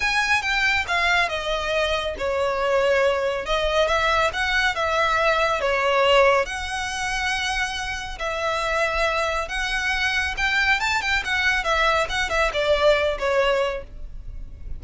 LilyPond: \new Staff \with { instrumentName = "violin" } { \time 4/4 \tempo 4 = 139 gis''4 g''4 f''4 dis''4~ | dis''4 cis''2. | dis''4 e''4 fis''4 e''4~ | e''4 cis''2 fis''4~ |
fis''2. e''4~ | e''2 fis''2 | g''4 a''8 g''8 fis''4 e''4 | fis''8 e''8 d''4. cis''4. | }